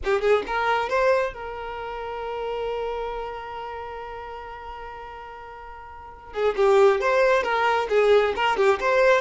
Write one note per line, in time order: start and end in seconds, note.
0.04 0.20 G4
0.20 0.43 G#4
0.46 0.89 A#4
0.89 1.33 C5
1.33 6.33 A#4
6.33 6.55 G#4
6.56 7.00 G4
7.00 7.43 C5
7.43 7.87 A#4
7.89 8.33 G#4
8.35 8.56 A#4
8.56 8.79 G4
8.80 9.21 C5